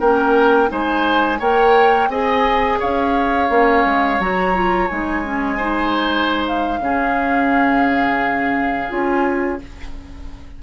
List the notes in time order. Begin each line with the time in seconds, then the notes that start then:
0.00 A#3 C#4 A#4 G5
0.68 G#3 D#4 C5 G#5
1.39 A#3 A#4 C#5 G5
2.09 C4 G#4 D#5 G#5
2.79 C#4 C#5 F5
3.49 A#3 C#4
3.85 G#3
4.19 F#3 F#4 A#5
4.54 F4
4.88 G#3 D#4 G#5
5.24 C#4
5.57 D#4 C5
6.48 F5
6.80 C#3 C#4 G#4
8.89 C#4 F4 G#5